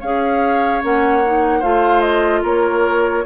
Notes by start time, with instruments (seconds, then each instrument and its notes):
0.00 bassoon C#4, clarinet G#4, oboe C#5, flute F5
0.82 bassoon A#3, clarinet C#4, flute F#5
1.25 clarinet D#4
1.59 bassoon A3, clarinet F4, oboe C5, flute F5
2.01 flute D#5
2.43 bassoon A#3, oboe A#4, flute C#5